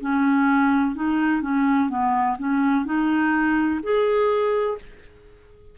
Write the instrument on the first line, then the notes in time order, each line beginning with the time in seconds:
clarinet
0.00 C#4
0.95 D#4
1.42 C#4
1.90 B3
2.39 C#4
2.86 D#4
3.83 G#4